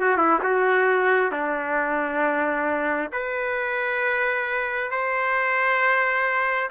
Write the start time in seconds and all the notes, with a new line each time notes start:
0.00 F#4
0.17 E4
0.42 F#4
1.31 D4
3.12 B4
4.91 C5